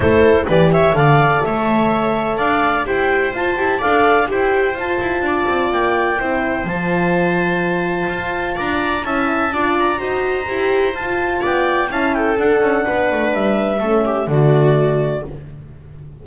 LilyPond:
<<
  \new Staff \with { instrumentName = "clarinet" } { \time 4/4 \tempo 4 = 126 c''4 d''8 e''8 f''4 e''4~ | e''4 f''4 g''4 a''4 | f''4 g''4 a''2 | g''2 a''2~ |
a''2 ais''4 a''4~ | a''8 ais''2~ ais''8 a''4 | g''4 a''8 g''8 fis''2 | e''2 d''2 | }
  \new Staff \with { instrumentName = "viola" } { \time 4/4 a'4 b'8 cis''8 d''4 cis''4~ | cis''4 d''4 c''2 | d''4 c''2 d''4~ | d''4 c''2.~ |
c''2 d''4 e''4 | d''4 c''2. | d''4 f''8 a'4. b'4~ | b'4 a'8 g'8 fis'2 | }
  \new Staff \with { instrumentName = "horn" } { \time 4/4 e'4 g'4 a'2~ | a'2 g'4 f'8 g'8 | a'4 g'4 f'2~ | f'4 e'4 f'2~ |
f'2. e'4 | f'4 fis'4 g'4 f'4~ | f'4 e'4 d'2~ | d'4 cis'4 a2 | }
  \new Staff \with { instrumentName = "double bass" } { \time 4/4 a4 e4 d4 a4~ | a4 d'4 e'4 f'8 e'8 | d'4 e'4 f'8 e'8 d'8 c'8 | ais4 c'4 f2~ |
f4 f'4 d'4 cis'4 | d'4 dis'4 e'4 f'4 | b4 cis'4 d'8 cis'8 b8 a8 | g4 a4 d2 | }
>>